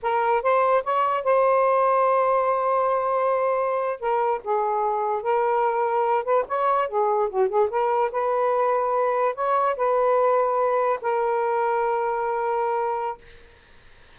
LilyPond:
\new Staff \with { instrumentName = "saxophone" } { \time 4/4 \tempo 4 = 146 ais'4 c''4 cis''4 c''4~ | c''1~ | c''4.~ c''16 ais'4 gis'4~ gis'16~ | gis'8. ais'2~ ais'8 b'8 cis''16~ |
cis''8. gis'4 fis'8 gis'8 ais'4 b'16~ | b'2~ b'8. cis''4 b'16~ | b'2~ b'8. ais'4~ ais'16~ | ais'1 | }